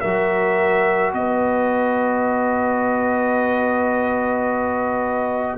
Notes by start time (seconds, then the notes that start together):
0.00 F#3 F#4 A#4 E5
1.13 B3 B4 D#5